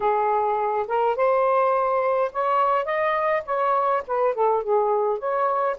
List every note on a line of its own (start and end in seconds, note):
0.00 0.86 G#4
0.87 1.16 A#4
1.16 2.31 C5
2.32 2.85 C#5
2.85 3.42 D#5
3.45 4.03 C#5
4.07 4.34 B4
4.34 4.63 A4
4.63 5.18 G#4
5.18 5.76 C#5